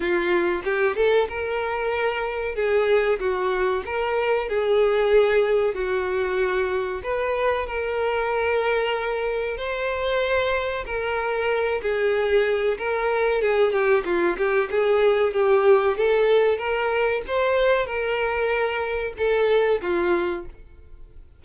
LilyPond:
\new Staff \with { instrumentName = "violin" } { \time 4/4 \tempo 4 = 94 f'4 g'8 a'8 ais'2 | gis'4 fis'4 ais'4 gis'4~ | gis'4 fis'2 b'4 | ais'2. c''4~ |
c''4 ais'4. gis'4. | ais'4 gis'8 g'8 f'8 g'8 gis'4 | g'4 a'4 ais'4 c''4 | ais'2 a'4 f'4 | }